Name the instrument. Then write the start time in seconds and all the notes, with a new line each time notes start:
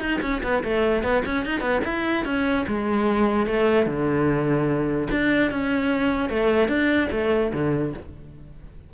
cello
0.00 D#4
0.21 C#4
0.43 B3
0.64 A3
1.03 B3
1.25 C#4
1.45 D#4
1.60 B3
1.84 E4
2.25 C#4
2.67 G#3
3.47 A3
3.86 D3
5.11 D4
5.51 C#4
6.29 A3
6.68 D4
7.11 A3
7.53 D3